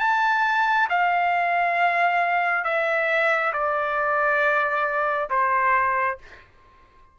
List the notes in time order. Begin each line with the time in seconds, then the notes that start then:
0.00 A5
0.89 F5
2.64 E5
3.53 D5
5.30 C5